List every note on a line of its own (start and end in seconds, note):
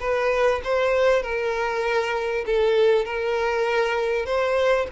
0.00 0.61 B4
0.64 1.22 C5
1.22 2.45 A#4
2.46 3.05 A4
3.05 4.26 A#4
4.26 4.87 C5